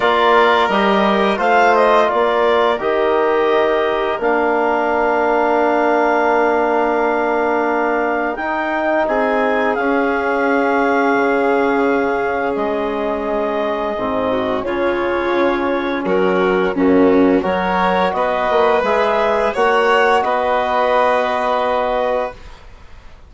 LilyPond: <<
  \new Staff \with { instrumentName = "clarinet" } { \time 4/4 \tempo 4 = 86 d''4 dis''4 f''8 dis''8 d''4 | dis''2 f''2~ | f''1 | g''4 gis''4 f''2~ |
f''2 dis''2~ | dis''4 cis''2 ais'4 | fis'4 cis''4 dis''4 e''4 | fis''4 dis''2. | }
  \new Staff \with { instrumentName = "violin" } { \time 4/4 ais'2 c''4 ais'4~ | ais'1~ | ais'1~ | ais'4 gis'2.~ |
gis'1~ | gis'8 fis'8 f'2 fis'4 | cis'4 ais'4 b'2 | cis''4 b'2. | }
  \new Staff \with { instrumentName = "trombone" } { \time 4/4 f'4 g'4 f'2 | g'2 d'2~ | d'1 | dis'2 cis'2~ |
cis'1 | c'4 cis'2. | ais4 fis'2 gis'4 | fis'1 | }
  \new Staff \with { instrumentName = "bassoon" } { \time 4/4 ais4 g4 a4 ais4 | dis2 ais2~ | ais1 | dis'4 c'4 cis'2 |
cis2 gis2 | gis,4 cis2 fis4 | fis,4 fis4 b8 ais8 gis4 | ais4 b2. | }
>>